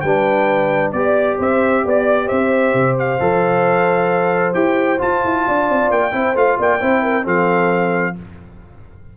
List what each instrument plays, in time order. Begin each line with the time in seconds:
0.00 tuba G3, trombone D4, horn B4, trumpet G5
0.92 tuba B3, trombone G4, trumpet D5, horn D5
1.38 tuba C4, horn C5, trumpet E5
1.84 tuba B3, horn D5, trumpet D5
2.26 tuba C4, horn C5, trumpet E5
2.73 tuba C3
2.98 trumpet F5
3.19 tuba F3, trombone A4
4.53 tuba E4, trombone G4, trumpet G5
4.98 trombone F4, tuba F4, trumpet A5
5.24 tuba E4
5.47 tuba D4, horn D5
5.69 tuba C4
5.90 tuba A#3, trumpet G5
6.11 tuba C4, trombone E4, horn C5
6.34 tuba A3, trombone F4, trumpet F5
6.58 tuba A#3, horn D5, trumpet G5
6.80 tuba C4, trombone E4, horn C5
7.02 horn A#4
7.23 tuba F3, trombone C4, horn A4, trumpet F5